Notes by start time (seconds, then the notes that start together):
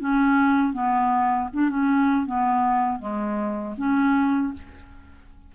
0.00 C#4
0.73 B3
1.53 D4
1.70 C#4
2.26 B3
2.99 G#3
3.78 C#4